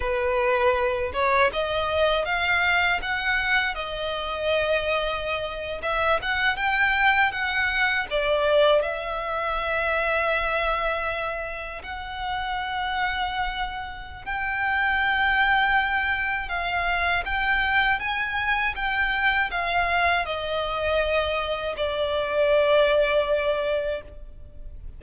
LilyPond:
\new Staff \with { instrumentName = "violin" } { \time 4/4 \tempo 4 = 80 b'4. cis''8 dis''4 f''4 | fis''4 dis''2~ dis''8. e''16~ | e''16 fis''8 g''4 fis''4 d''4 e''16~ | e''2.~ e''8. fis''16~ |
fis''2. g''4~ | g''2 f''4 g''4 | gis''4 g''4 f''4 dis''4~ | dis''4 d''2. | }